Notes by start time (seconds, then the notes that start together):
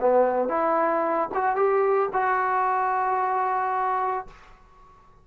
0.00 B3
0.48 E4
1.34 F#4
1.56 G4
2.13 F#4